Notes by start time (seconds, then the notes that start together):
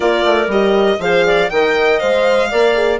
0.00 A#3 F4 A#4 D5
0.24 A3
0.47 G3 G4 D#5
0.99 F3 G#4 C5 F5
1.26 D5
1.49 D#3 A#4 D#5 G5
1.99 G#3 C5 F5
2.50 A#3 A#4 D5
2.74 G#4